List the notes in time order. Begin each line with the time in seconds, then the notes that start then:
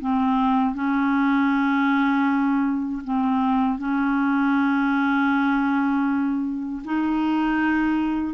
0.00 C4
0.74 C#4
3.04 C4
3.78 C#4
6.84 D#4